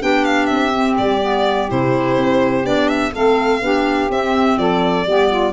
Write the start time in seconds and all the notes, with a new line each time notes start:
0.00 B3 D4 G4 G5
0.25 F5
0.46 C4 E5
0.74 C4
0.98 G3 D5
1.21 B3
1.69 C3 E4 C5
2.18 C4
2.64 B3 D4 D5
2.89 E5
3.12 A3 C4 A4 F5
3.62 B3 D4 G4
4.10 C4 E5
4.58 F3 A4 D5
5.06 G3 B3 G4
5.29 F4